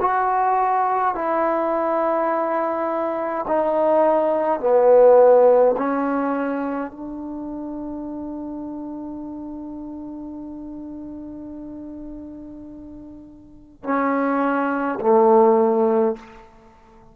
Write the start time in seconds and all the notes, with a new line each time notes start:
0.00 F#4
1.14 E4
3.47 D#4
4.59 B3
5.77 C#4
6.91 D4
13.84 C#4
15.00 A3